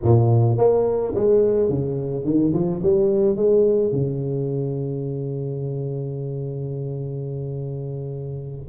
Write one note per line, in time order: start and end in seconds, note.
0.03 0.57 A#2
0.57 1.13 A#3
1.14 1.69 G#3
1.69 2.24 C#3
2.24 2.52 D#3
2.53 2.81 F3
2.83 3.36 G3
3.36 3.92 G#3
3.92 8.68 C#3